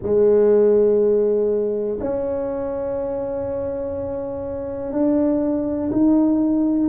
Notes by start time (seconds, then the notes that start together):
0.02 G#3
2.00 C#4
4.92 D4
5.91 D#4